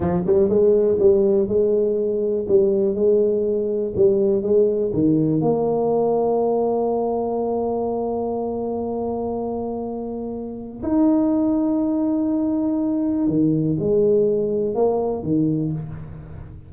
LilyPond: \new Staff \with { instrumentName = "tuba" } { \time 4/4 \tempo 4 = 122 f8 g8 gis4 g4 gis4~ | gis4 g4 gis2 | g4 gis4 dis4 ais4~ | ais1~ |
ais1~ | ais2 dis'2~ | dis'2. dis4 | gis2 ais4 dis4 | }